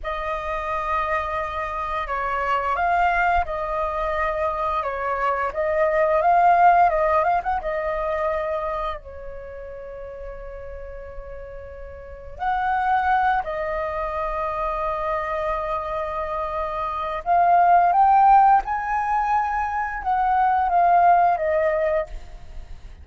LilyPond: \new Staff \with { instrumentName = "flute" } { \time 4/4 \tempo 4 = 87 dis''2. cis''4 | f''4 dis''2 cis''4 | dis''4 f''4 dis''8 f''16 fis''16 dis''4~ | dis''4 cis''2.~ |
cis''2 fis''4. dis''8~ | dis''1~ | dis''4 f''4 g''4 gis''4~ | gis''4 fis''4 f''4 dis''4 | }